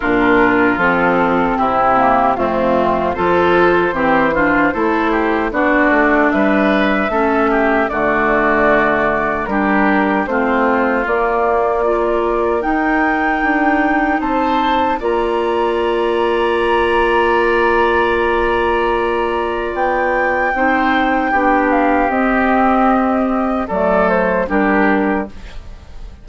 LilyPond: <<
  \new Staff \with { instrumentName = "flute" } { \time 4/4 \tempo 4 = 76 ais'4 a'4 g'4 f'4 | c''2. d''4 | e''2 d''2 | ais'4 c''4 d''2 |
g''2 a''4 ais''4~ | ais''1~ | ais''4 g''2~ g''8 f''8 | dis''2 d''8 c''8 ais'4 | }
  \new Staff \with { instrumentName = "oboe" } { \time 4/4 f'2 e'4 c'4 | a'4 g'8 f'8 a'8 g'8 fis'4 | b'4 a'8 g'8 fis'2 | g'4 f'2 ais'4~ |
ais'2 c''4 d''4~ | d''1~ | d''2 c''4 g'4~ | g'2 a'4 g'4 | }
  \new Staff \with { instrumentName = "clarinet" } { \time 4/4 d'4 c'4. ais8 a4 | f'4 c'8 d'8 e'4 d'4~ | d'4 cis'4 a2 | d'4 c'4 ais4 f'4 |
dis'2. f'4~ | f'1~ | f'2 dis'4 d'4 | c'2 a4 d'4 | }
  \new Staff \with { instrumentName = "bassoon" } { \time 4/4 ais,4 f4 c4 f,4 | f4 e4 a4 b8 a8 | g4 a4 d2 | g4 a4 ais2 |
dis'4 d'4 c'4 ais4~ | ais1~ | ais4 b4 c'4 b4 | c'2 fis4 g4 | }
>>